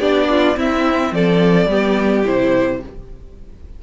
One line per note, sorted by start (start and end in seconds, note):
0.00 0.57 B3
0.00 0.55 D4
0.00 0.28 G4
0.00 0.57 D5
0.30 0.58 F4
0.55 1.68 C4
0.55 1.12 C4
0.55 1.14 E4
0.55 1.14 E5
1.12 1.67 F3
1.12 1.70 A4
1.12 2.27 D5
1.67 2.24 G3
1.67 2.25 B3
1.67 2.83 G4
2.25 2.83 C3
2.25 2.82 E4
2.25 2.83 C5